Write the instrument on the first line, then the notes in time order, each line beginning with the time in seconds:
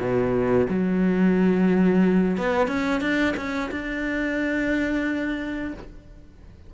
cello
0.00 B2
0.70 F#3
2.37 B3
2.68 C#4
3.01 D4
3.37 C#4
3.71 D4